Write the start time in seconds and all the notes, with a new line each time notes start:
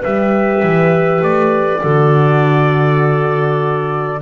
0.00 G3 G4 B4 E5
0.62 E3
1.21 A3 D5
1.81 D3 F#4 A4